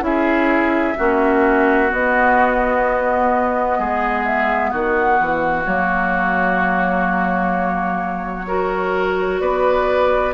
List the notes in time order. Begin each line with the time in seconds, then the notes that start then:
0.00 C#4 E4 G#4 E5
0.98 A#3 C#4 F#4
1.88 B3 D#5
3.79 G#3 G#4
4.25 E5
4.70 D#3 F#4 F#5
5.20 E3
5.65 F#3 A#3 C#5
8.47 F#4 A#4
9.40 B3 B4 D5